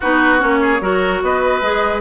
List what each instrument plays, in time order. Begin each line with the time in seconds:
0.00 bassoon B3, clarinet D#4, oboe F#4, flute B4
0.39 bassoon A#3, clarinet C#4, flute C#5
0.61 oboe G#4
0.80 bassoon F#3, clarinet F#4, oboe A#4
1.22 bassoon B3, oboe B4, flute D#5
1.61 bassoon G#3, clarinet G#4